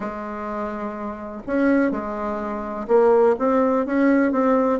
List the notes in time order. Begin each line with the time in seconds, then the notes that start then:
0.00 G#3
1.46 C#4
1.91 G#3
2.87 A#3
3.39 C4
3.85 C#4
4.32 C4